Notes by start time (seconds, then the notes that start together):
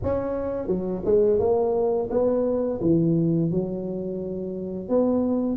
0.03 C#4
0.67 F#3
1.05 G#3
1.39 A#3
2.10 B3
2.81 E3
3.51 F#3
4.88 B3